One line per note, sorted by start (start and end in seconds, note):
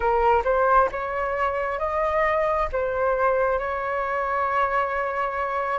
0.00 0.42 A#4
0.44 0.89 C5
0.91 1.78 C#5
1.78 2.68 D#5
2.72 3.58 C5
3.58 5.78 C#5